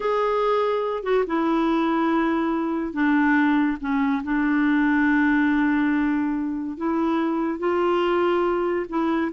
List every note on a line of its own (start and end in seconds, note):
0.00 1.03 G#4
1.03 1.24 F#4
1.27 2.93 E4
2.93 3.77 D4
3.80 4.22 C#4
4.23 6.77 D4
6.77 7.59 E4
7.59 8.85 F4
8.89 9.31 E4